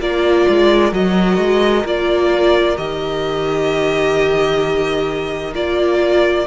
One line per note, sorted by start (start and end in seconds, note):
0.00 0.46 A#3
0.00 0.92 F4
0.00 6.47 A#4
0.00 0.93 D5
0.49 0.92 G#3
0.92 1.38 F#3
0.92 1.84 F#4
0.92 1.87 D#5
1.38 1.84 G#3
1.85 2.77 A#3
1.85 2.76 F4
1.85 2.77 D5
2.76 5.54 D#3
2.76 5.53 G4
2.76 5.54 D#5
5.54 6.46 A#3
5.54 6.46 F4
5.54 6.47 D5